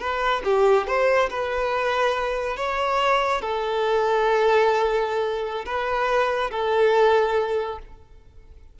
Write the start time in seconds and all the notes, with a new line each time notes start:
0.00 B4
0.45 G4
0.87 C5
1.30 B4
2.57 C#5
3.42 A4
5.66 B4
6.51 A4